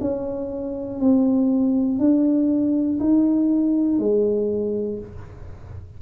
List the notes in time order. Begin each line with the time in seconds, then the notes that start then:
0.00 C#4
1.00 C4
1.98 D4
3.00 D#4
3.99 G#3